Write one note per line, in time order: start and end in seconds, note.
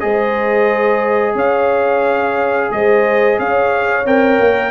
0.00 1.35 G#3
0.00 4.05 G#4
0.00 1.35 C5
0.00 1.35 D#5
1.35 2.70 C#4
1.35 2.70 C#5
1.35 2.71 F5
2.71 3.38 G#3
2.71 3.40 C5
2.71 3.39 D#5
3.39 4.05 C#4
3.39 4.71 C#5
3.39 4.06 F5
4.05 4.39 C4
4.05 4.71 A#4
4.05 4.71 G5
4.39 4.71 A#3